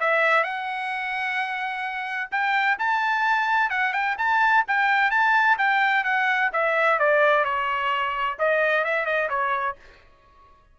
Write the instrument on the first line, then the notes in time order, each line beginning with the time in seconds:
trumpet
0.00 E5
0.44 F#5
2.31 G5
2.79 A5
3.70 F#5
3.93 G5
4.18 A5
4.68 G5
5.11 A5
5.58 G5
6.04 F#5
6.53 E5
6.99 D5
7.44 C#5
8.39 D#5
8.85 E5
9.06 D#5
9.29 C#5